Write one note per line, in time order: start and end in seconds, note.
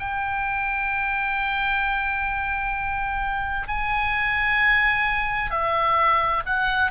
0.00 3.68 G5
3.68 5.51 G#5
5.51 6.44 E5
6.47 6.91 F#5